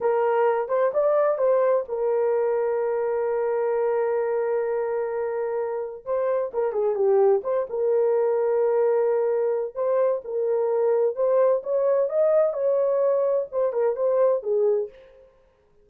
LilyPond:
\new Staff \with { instrumentName = "horn" } { \time 4/4 \tempo 4 = 129 ais'4. c''8 d''4 c''4 | ais'1~ | ais'1~ | ais'4 c''4 ais'8 gis'8 g'4 |
c''8 ais'2.~ ais'8~ | ais'4 c''4 ais'2 | c''4 cis''4 dis''4 cis''4~ | cis''4 c''8 ais'8 c''4 gis'4 | }